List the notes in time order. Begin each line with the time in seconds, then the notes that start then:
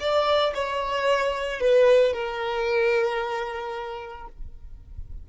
0.00 D5
0.55 C#5
1.60 B4
2.13 A#4